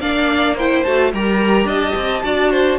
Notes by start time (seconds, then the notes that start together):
0.00 A#3 D4 D5 F5
0.56 E4 C5 G5
0.83 A3 F#4 A5
1.13 G3 G4 A#4 A#5
1.64 D4 D#5 A5
1.95 C4
2.23 D4 F#4 D5
2.51 C5